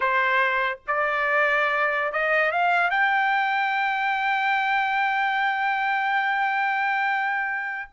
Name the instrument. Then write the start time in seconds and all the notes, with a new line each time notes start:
trumpet
0.00 C5
0.87 D5
2.12 D#5
2.51 F5
2.90 G5